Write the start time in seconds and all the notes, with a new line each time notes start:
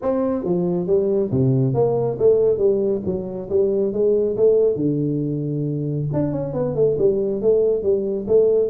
0.02 C4
0.44 F3
0.87 G3
1.31 C3
1.74 A#3
2.18 A3
2.58 G3
3.05 F#3
3.49 G3
3.92 G#3
4.36 A3
4.75 D3
6.13 D4
6.32 C#4
6.53 B3
6.75 A3
6.98 G3
7.41 A3
7.83 G3
8.27 A3